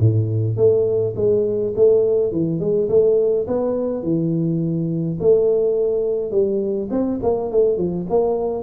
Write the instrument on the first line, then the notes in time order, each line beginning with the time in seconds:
tuba
0.00 A2
0.57 A3
1.16 G#3
1.76 A3
2.32 E3
2.60 G#3
2.90 A3
3.48 B3
4.03 E3
5.21 A3
6.31 G3
6.91 C4
7.23 A#3
7.52 A3
7.78 F3
8.10 A#3